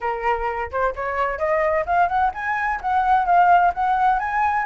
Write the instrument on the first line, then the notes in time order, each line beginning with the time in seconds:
flute
0.00 A#4
0.71 C5
0.95 C#5
1.38 D#5
1.86 F5
2.08 F#5
2.33 G#5
2.81 F#5
3.25 F5
3.74 F#5
4.19 G#5